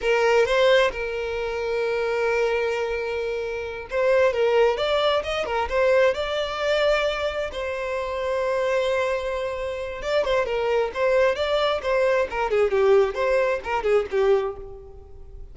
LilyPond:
\new Staff \with { instrumentName = "violin" } { \time 4/4 \tempo 4 = 132 ais'4 c''4 ais'2~ | ais'1~ | ais'8 c''4 ais'4 d''4 dis''8 | ais'8 c''4 d''2~ d''8~ |
d''8 c''2.~ c''8~ | c''2 d''8 c''8 ais'4 | c''4 d''4 c''4 ais'8 gis'8 | g'4 c''4 ais'8 gis'8 g'4 | }